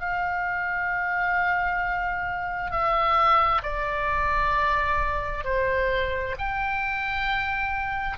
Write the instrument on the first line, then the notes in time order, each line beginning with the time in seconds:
oboe
0.00 F5
2.71 E5
3.63 D5
5.45 C5
6.38 G5